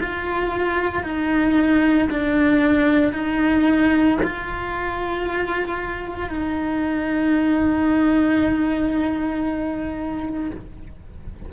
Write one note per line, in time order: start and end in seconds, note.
0.00 1.03 F4
1.03 2.08 D#4
2.10 3.12 D4
3.12 4.18 D#4
4.23 6.29 F4
6.29 10.50 D#4